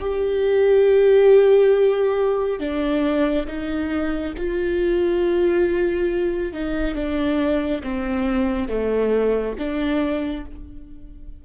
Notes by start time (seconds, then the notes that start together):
0.00 G4
2.60 D4
3.47 D#4
4.37 F4
6.53 D#4
6.95 D4
7.83 C4
8.69 A3
9.58 D4